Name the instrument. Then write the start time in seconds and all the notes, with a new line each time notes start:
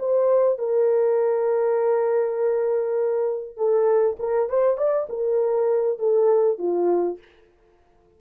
horn
0.00 C5
0.59 A#4
3.57 A4
4.19 A#4
4.50 C5
4.78 D5
5.09 A#4
5.99 A4
6.59 F4